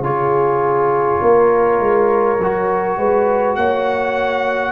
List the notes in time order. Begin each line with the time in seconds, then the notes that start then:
0.00 C#3 F4 G#4 C#5
1.22 A#3 A#4
1.80 G#3
2.39 F#3 F#4
2.98 G#3 B4
3.56 A#3 C#5 F#5